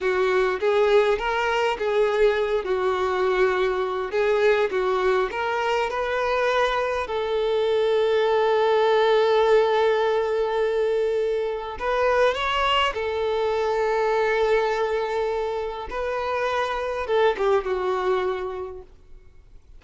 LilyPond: \new Staff \with { instrumentName = "violin" } { \time 4/4 \tempo 4 = 102 fis'4 gis'4 ais'4 gis'4~ | gis'8 fis'2~ fis'8 gis'4 | fis'4 ais'4 b'2 | a'1~ |
a'1 | b'4 cis''4 a'2~ | a'2. b'4~ | b'4 a'8 g'8 fis'2 | }